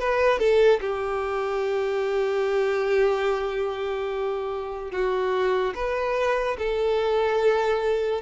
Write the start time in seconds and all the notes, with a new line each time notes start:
0.00 B4
0.39 A4
0.81 G4
4.92 F#4
5.75 B4
6.58 A4